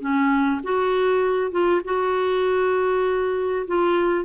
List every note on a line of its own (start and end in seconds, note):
0.00 0.61 C#4
0.63 1.51 F#4
1.51 1.81 F4
1.84 3.66 F#4
3.67 4.25 F4